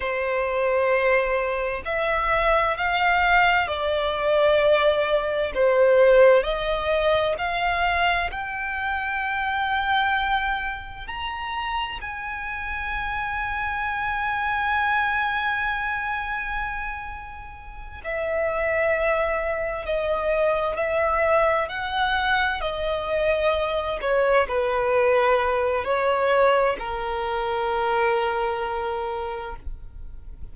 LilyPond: \new Staff \with { instrumentName = "violin" } { \time 4/4 \tempo 4 = 65 c''2 e''4 f''4 | d''2 c''4 dis''4 | f''4 g''2. | ais''4 gis''2.~ |
gis''2.~ gis''8 e''8~ | e''4. dis''4 e''4 fis''8~ | fis''8 dis''4. cis''8 b'4. | cis''4 ais'2. | }